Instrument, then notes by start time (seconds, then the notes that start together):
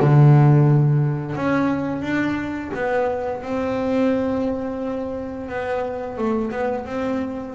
double bass
0.00 D3
1.36 C#4
2.02 D4
2.75 B3
3.43 C4
5.49 B3
6.18 A3
6.51 B3
6.86 C4